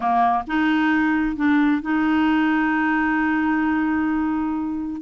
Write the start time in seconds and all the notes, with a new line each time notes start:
0.00 A#3
0.47 D#4
1.35 D4
1.81 D#4